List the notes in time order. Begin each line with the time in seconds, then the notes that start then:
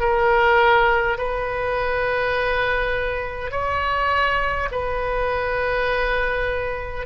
0.00 A#4
1.18 B4
3.51 C#5
4.72 B4